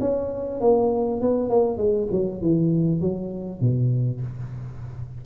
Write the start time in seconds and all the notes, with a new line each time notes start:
0.00 C#4
0.60 A#3
1.21 B3
1.49 A#3
1.77 G#3
2.11 F#3
2.41 E3
3.00 F#3
3.60 B2